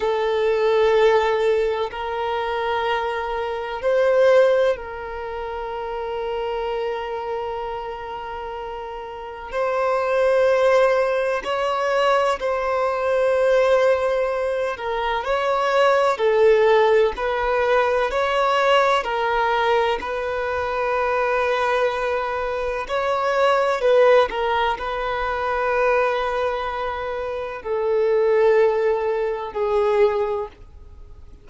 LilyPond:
\new Staff \with { instrumentName = "violin" } { \time 4/4 \tempo 4 = 63 a'2 ais'2 | c''4 ais'2.~ | ais'2 c''2 | cis''4 c''2~ c''8 ais'8 |
cis''4 a'4 b'4 cis''4 | ais'4 b'2. | cis''4 b'8 ais'8 b'2~ | b'4 a'2 gis'4 | }